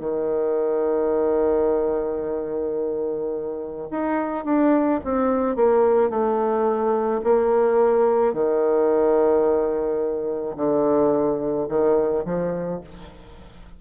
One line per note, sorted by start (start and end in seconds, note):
0.00 3.89 D#3
3.91 4.45 D#4
4.45 5.01 D4
5.05 5.56 C4
5.56 6.10 A#3
6.10 7.21 A3
7.24 8.34 A#3
8.34 10.56 D#3
10.57 11.68 D3
11.69 12.25 D#3
12.25 12.81 F3